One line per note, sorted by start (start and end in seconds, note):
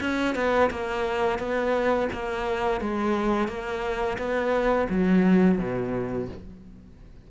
0.00 0.35 C#4
0.35 0.69 B3
0.70 1.38 A#3
1.38 2.08 B3
2.12 2.81 A#3
2.81 3.48 G#3
3.48 4.17 A#3
4.17 4.87 B3
4.89 5.58 F#3
5.58 6.28 B2